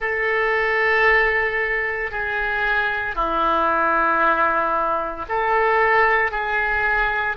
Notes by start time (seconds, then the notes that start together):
0.00 A4
2.11 G#4
3.15 E4
5.28 A4
6.31 G#4